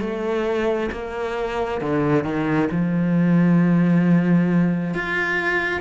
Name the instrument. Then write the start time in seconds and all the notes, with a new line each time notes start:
cello
0.00 A3
0.92 A#3
1.81 D3
2.23 D#3
2.71 F3
4.94 F4